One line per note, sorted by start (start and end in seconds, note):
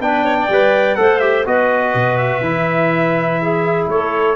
0.00 0.48 B3
0.00 0.49 D4
0.00 0.24 B4
0.00 0.95 G5
0.24 0.36 C#5
0.37 0.98 D5
0.49 0.97 G3
0.49 0.95 B4
0.95 1.46 A3
0.95 1.19 A4
0.95 1.47 C5
0.95 1.19 F#5
1.19 1.44 G4
1.19 1.43 E5
1.45 1.94 B3
1.45 2.42 F#4
1.45 3.41 B4
1.45 2.17 D#5
1.94 2.40 B2
2.17 3.86 E5
2.40 3.85 E3
2.40 4.35 E4
3.41 3.90 G#4
3.87 4.35 A3
3.87 4.35 A4
3.87 4.35 C#5